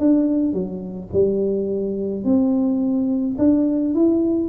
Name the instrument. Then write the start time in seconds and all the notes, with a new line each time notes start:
tuba
0.00 D4
0.54 F#3
1.13 G3
2.25 C4
3.39 D4
3.95 E4